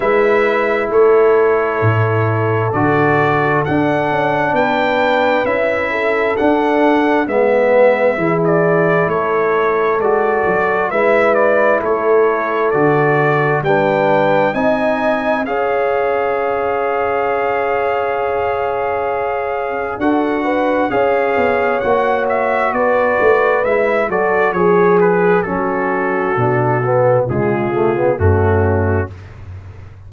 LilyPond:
<<
  \new Staff \with { instrumentName = "trumpet" } { \time 4/4 \tempo 4 = 66 e''4 cis''2 d''4 | fis''4 g''4 e''4 fis''4 | e''4~ e''16 d''8. cis''4 d''4 | e''8 d''8 cis''4 d''4 g''4 |
gis''4 f''2.~ | f''2 fis''4 f''4 | fis''8 e''8 d''4 e''8 d''8 cis''8 b'8 | a'2 gis'4 fis'4 | }
  \new Staff \with { instrumentName = "horn" } { \time 4/4 b'4 a'2.~ | a'4 b'4. a'4. | b'4 gis'4 a'2 | b'4 a'2 b'4 |
dis''4 cis''2.~ | cis''2 a'8 b'8 cis''4~ | cis''4 b'4. a'8 gis'4 | fis'2 f'4 cis'4 | }
  \new Staff \with { instrumentName = "trombone" } { \time 4/4 e'2. fis'4 | d'2 e'4 d'4 | b4 e'2 fis'4 | e'2 fis'4 d'4 |
dis'4 gis'2.~ | gis'2 fis'4 gis'4 | fis'2 e'8 fis'8 gis'4 | cis'4 d'8 b8 gis8 a16 b16 a4 | }
  \new Staff \with { instrumentName = "tuba" } { \time 4/4 gis4 a4 a,4 d4 | d'8 cis'8 b4 cis'4 d'4 | gis4 e4 a4 gis8 fis8 | gis4 a4 d4 g4 |
c'4 cis'2.~ | cis'2 d'4 cis'8 b8 | ais4 b8 a8 gis8 fis8 f4 | fis4 b,4 cis4 fis,4 | }
>>